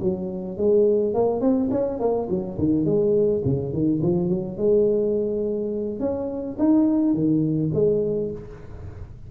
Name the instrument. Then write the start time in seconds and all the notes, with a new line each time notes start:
tuba
0.00 F#3
0.57 G#3
1.14 A#3
1.41 C4
1.71 C#4
1.99 A#3
2.29 F#3
2.58 D#3
2.85 G#3
3.45 C#3
3.72 D#3
4.02 F3
4.29 F#3
4.57 G#3
5.99 C#4
6.59 D#4
7.14 D#3
7.74 G#3